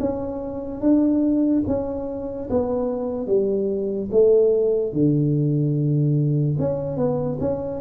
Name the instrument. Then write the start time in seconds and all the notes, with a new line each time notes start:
tuba
0.00 C#4
0.81 D4
1.67 C#4
2.50 B3
3.27 G3
4.12 A3
4.93 D3
6.59 C#4
6.97 B3
7.40 C#4